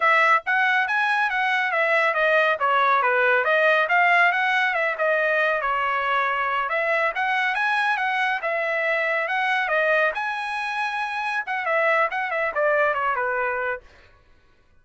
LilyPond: \new Staff \with { instrumentName = "trumpet" } { \time 4/4 \tempo 4 = 139 e''4 fis''4 gis''4 fis''4 | e''4 dis''4 cis''4 b'4 | dis''4 f''4 fis''4 e''8 dis''8~ | dis''4 cis''2~ cis''8 e''8~ |
e''8 fis''4 gis''4 fis''4 e''8~ | e''4. fis''4 dis''4 gis''8~ | gis''2~ gis''8 fis''8 e''4 | fis''8 e''8 d''4 cis''8 b'4. | }